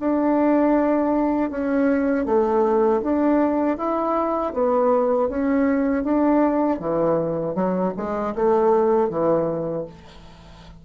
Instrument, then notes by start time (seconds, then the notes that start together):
bassoon
0.00 D4
1.51 C#4
2.26 A3
3.03 D4
3.78 E4
4.54 B3
5.29 C#4
6.04 D4
6.80 E3
7.55 F#3
7.97 G#3
8.35 A3
9.10 E3